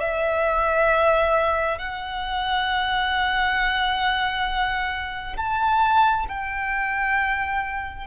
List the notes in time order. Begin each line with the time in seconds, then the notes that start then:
0.00 E5
1.78 F#5
5.36 A5
6.28 G5